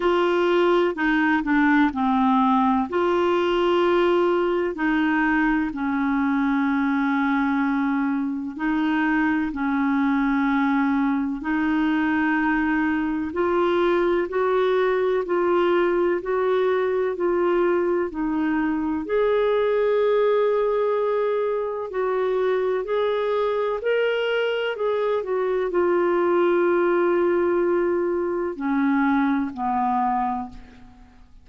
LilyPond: \new Staff \with { instrumentName = "clarinet" } { \time 4/4 \tempo 4 = 63 f'4 dis'8 d'8 c'4 f'4~ | f'4 dis'4 cis'2~ | cis'4 dis'4 cis'2 | dis'2 f'4 fis'4 |
f'4 fis'4 f'4 dis'4 | gis'2. fis'4 | gis'4 ais'4 gis'8 fis'8 f'4~ | f'2 cis'4 b4 | }